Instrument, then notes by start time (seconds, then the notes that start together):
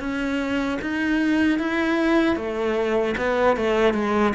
cello
0.00 C#4
0.81 D#4
1.59 E4
2.36 A3
3.18 B3
3.57 A3
3.94 G#3